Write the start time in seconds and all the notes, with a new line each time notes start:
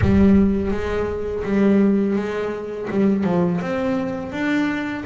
0.01 G3
0.71 G#3
1.43 G3
2.16 G#3
2.90 G3
3.24 F3
3.61 C4
4.31 D4